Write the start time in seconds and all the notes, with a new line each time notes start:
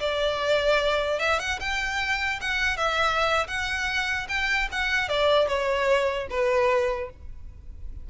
0.00 D5
1.20 E5
1.40 F#5
1.60 G5
2.41 F#5
2.77 E5
3.48 F#5
4.29 G5
4.72 F#5
5.09 D5
5.48 C#5
6.30 B4